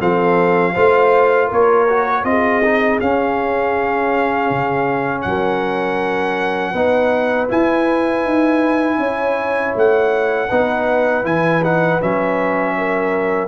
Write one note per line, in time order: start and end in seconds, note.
0.00 0.76 F3
0.00 0.75 C4
0.00 0.73 A4
0.00 1.52 F5
0.73 1.52 A3
0.73 1.88 F4
0.73 1.48 C5
1.48 2.25 A#3
1.48 2.23 A#4
1.48 2.25 C#5
1.90 2.25 F#4
2.25 3.00 C4
2.25 2.63 F4
2.25 5.28 G#4
2.25 3.00 D#5
2.65 3.02 D#4
3.01 4.50 C#4
3.01 6.75 C#4
3.01 5.22 F5
4.50 5.25 C#3
5.22 6.74 F#3
5.22 6.72 A#4
5.22 7.47 F#5
6.72 7.49 B3
6.72 7.49 D#4
6.72 8.97 B4
7.49 10.49 E4
7.49 8.25 E4
7.49 9.76 G#5
8.25 8.98 D#4
8.98 9.73 C#4
8.98 10.50 C#5
9.76 10.51 A3
9.76 11.26 F#5
10.50 11.25 B3
10.50 11.24 D#4
10.50 12.75 B4
11.24 12.00 E3
11.24 11.62 E4
11.24 11.64 G#5
11.64 12.02 D#4
11.64 12.02 F#5
12.02 13.49 F#3
12.02 13.49 C#4
12.02 13.49 E5
12.78 13.49 A#4